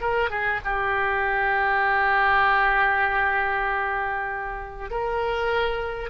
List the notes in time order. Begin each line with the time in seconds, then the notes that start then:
0.00 A#4
0.29 G#4
0.64 G4
4.90 A#4